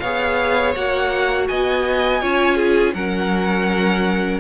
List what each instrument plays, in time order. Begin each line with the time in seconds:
0.00 cello B3, viola G#4, violin C#5 F5
0.75 cello A#3, viola F#4, violin F#5
1.48 cello B3, violin D#5 G#5
2.21 cello C#4, viola F4, violin C#5
2.56 violin G#4
2.94 cello F#3, viola C#4, violin A#4 F#5